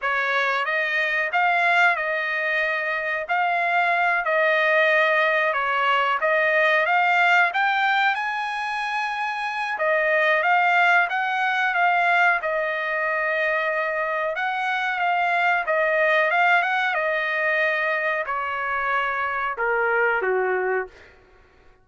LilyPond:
\new Staff \with { instrumentName = "trumpet" } { \time 4/4 \tempo 4 = 92 cis''4 dis''4 f''4 dis''4~ | dis''4 f''4. dis''4.~ | dis''8 cis''4 dis''4 f''4 g''8~ | g''8 gis''2~ gis''8 dis''4 |
f''4 fis''4 f''4 dis''4~ | dis''2 fis''4 f''4 | dis''4 f''8 fis''8 dis''2 | cis''2 ais'4 fis'4 | }